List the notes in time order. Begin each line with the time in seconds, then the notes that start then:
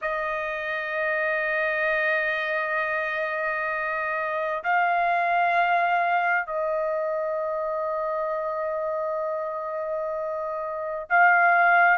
0.01 D#5
4.63 F5
6.46 D#5
11.09 F5